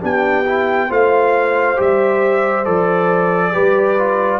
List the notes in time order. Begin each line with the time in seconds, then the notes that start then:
0.00 B3 D4 G4 G5
0.45 E4
0.88 A3 F4 C5 F5
1.76 G3 G4 E5
2.64 F3 A4 D5
3.52 G3 G4 B4
3.98 F4